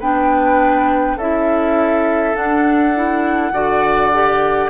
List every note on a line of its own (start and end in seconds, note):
0.00 1.17 B3
0.00 1.20 D4
0.00 1.17 B4
0.00 1.19 G5
1.17 2.35 C#4
1.17 2.35 E4
1.17 3.53 A4
1.17 2.36 E5
2.35 2.94 D4
2.35 3.51 D4
2.35 4.70 F#5
2.96 3.53 E4
3.51 4.69 D3
3.51 4.12 F#4
3.51 4.70 D5
4.13 4.70 G4